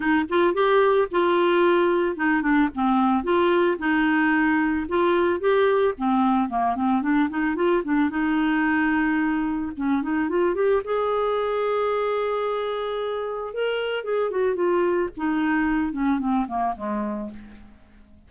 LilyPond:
\new Staff \with { instrumentName = "clarinet" } { \time 4/4 \tempo 4 = 111 dis'8 f'8 g'4 f'2 | dis'8 d'8 c'4 f'4 dis'4~ | dis'4 f'4 g'4 c'4 | ais8 c'8 d'8 dis'8 f'8 d'8 dis'4~ |
dis'2 cis'8 dis'8 f'8 g'8 | gis'1~ | gis'4 ais'4 gis'8 fis'8 f'4 | dis'4. cis'8 c'8 ais8 gis4 | }